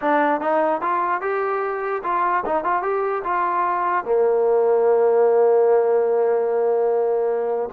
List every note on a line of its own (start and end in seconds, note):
0.01 0.40 D4
0.40 0.81 D#4
0.81 1.21 F4
1.21 2.02 G4
2.03 2.43 F4
2.45 2.64 D#4
2.64 2.82 F4
2.82 3.22 G4
3.23 4.04 F4
4.04 7.69 A#3